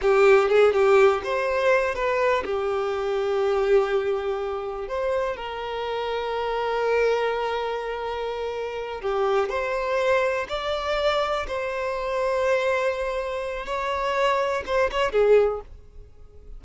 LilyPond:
\new Staff \with { instrumentName = "violin" } { \time 4/4 \tempo 4 = 123 g'4 gis'8 g'4 c''4. | b'4 g'2.~ | g'2 c''4 ais'4~ | ais'1~ |
ais'2~ ais'8 g'4 c''8~ | c''4. d''2 c''8~ | c''1 | cis''2 c''8 cis''8 gis'4 | }